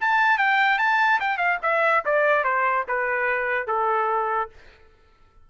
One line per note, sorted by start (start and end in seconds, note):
0.00 0.38 A5
0.38 0.78 G5
0.78 1.19 A5
1.20 1.37 G5
1.37 1.58 F5
1.62 2.03 E5
2.05 2.44 D5
2.44 2.85 C5
2.88 3.67 B4
3.67 4.49 A4